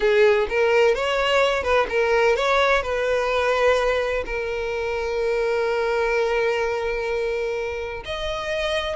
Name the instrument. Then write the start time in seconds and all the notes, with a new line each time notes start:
violin
0.00 G#4
0.49 A#4
0.94 C#5
1.63 B4
1.89 A#4
2.36 C#5
2.82 B4
4.25 A#4
8.05 D#5